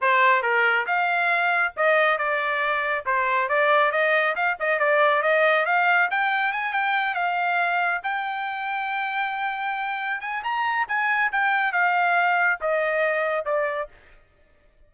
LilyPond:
\new Staff \with { instrumentName = "trumpet" } { \time 4/4 \tempo 4 = 138 c''4 ais'4 f''2 | dis''4 d''2 c''4 | d''4 dis''4 f''8 dis''8 d''4 | dis''4 f''4 g''4 gis''8 g''8~ |
g''8 f''2 g''4.~ | g''2.~ g''8 gis''8 | ais''4 gis''4 g''4 f''4~ | f''4 dis''2 d''4 | }